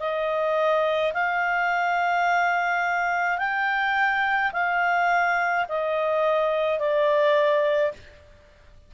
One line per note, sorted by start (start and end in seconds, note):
0.00 1.13 D#5
1.14 3.39 F5
3.39 4.52 G5
4.53 5.66 F5
5.69 6.79 D#5
6.79 7.92 D5